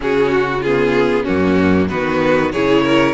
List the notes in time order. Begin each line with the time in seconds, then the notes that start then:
0.00 C#3 C#4 F#4 G#4
0.31 F#4
0.60 B3 F4 G#4
1.23 F#2 A#3 C#4 F#4
1.88 D#3 B3 F#4 B4
2.51 C#3 E4 G#4 C#5
2.83 A#4